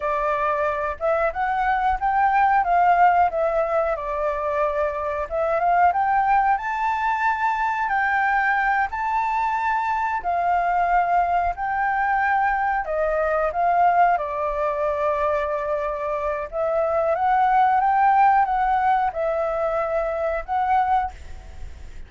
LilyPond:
\new Staff \with { instrumentName = "flute" } { \time 4/4 \tempo 4 = 91 d''4. e''8 fis''4 g''4 | f''4 e''4 d''2 | e''8 f''8 g''4 a''2 | g''4. a''2 f''8~ |
f''4. g''2 dis''8~ | dis''8 f''4 d''2~ d''8~ | d''4 e''4 fis''4 g''4 | fis''4 e''2 fis''4 | }